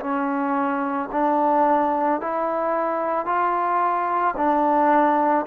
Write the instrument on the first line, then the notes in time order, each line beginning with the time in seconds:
trombone
0.00 C#4
1.12 D4
2.21 E4
3.25 F4
4.37 D4